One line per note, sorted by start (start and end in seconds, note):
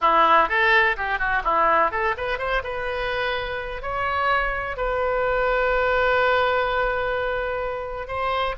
0.01 0.48 E4
0.48 0.96 A4
0.97 1.18 G4
1.18 1.42 F#4
1.44 1.91 E4
1.91 2.15 A4
2.17 2.38 B4
2.38 2.62 C5
2.63 3.82 B4
3.82 4.76 C#5
4.76 8.07 B4
8.07 8.55 C5